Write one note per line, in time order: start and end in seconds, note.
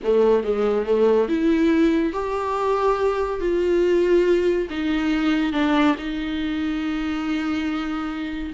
0.03 0.43 A3
0.43 0.86 G#3
0.86 1.28 A3
1.28 2.12 E4
2.12 3.40 G4
3.40 4.68 F4
4.69 5.53 D#4
5.53 5.95 D4
5.97 8.53 D#4